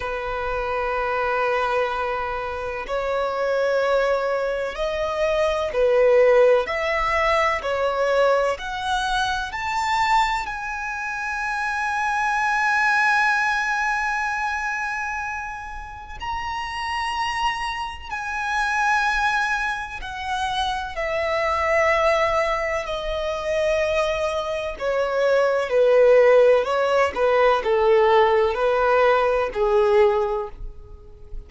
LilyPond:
\new Staff \with { instrumentName = "violin" } { \time 4/4 \tempo 4 = 63 b'2. cis''4~ | cis''4 dis''4 b'4 e''4 | cis''4 fis''4 a''4 gis''4~ | gis''1~ |
gis''4 ais''2 gis''4~ | gis''4 fis''4 e''2 | dis''2 cis''4 b'4 | cis''8 b'8 a'4 b'4 gis'4 | }